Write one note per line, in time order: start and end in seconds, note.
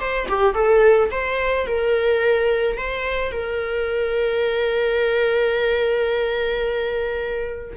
0.00 0.28 C5
0.29 0.54 G4
0.54 1.10 A4
1.11 1.67 C5
1.67 2.78 A#4
2.78 3.32 C5
3.32 7.77 A#4